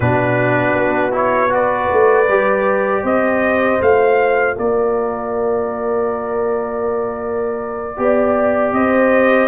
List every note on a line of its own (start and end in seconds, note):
0.00 0.75 B2
0.00 1.11 D4
0.00 1.52 F#4
0.00 1.14 B4
0.75 1.89 B3
1.11 1.49 E4
1.11 1.53 C#5
1.49 2.25 F#4
1.49 3.03 B4
1.49 3.05 D5
1.91 2.28 A3
2.28 3.03 G3
2.28 3.80 G4
3.03 3.79 C4
3.03 4.54 C5
3.03 3.81 D#5
3.80 4.57 A3
3.80 7.97 F4
3.80 4.57 F5
4.56 7.98 A#3
4.56 7.98 A#4
4.56 8.72 D5
7.97 8.72 B3
7.97 9.47 G4
7.97 8.75 D5
8.72 9.47 C4
8.72 9.47 C5
8.72 9.47 D#5